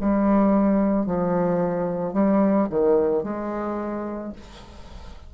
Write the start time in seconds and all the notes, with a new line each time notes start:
0.00 G3
1.06 F3
2.13 G3
2.69 D#3
3.23 G#3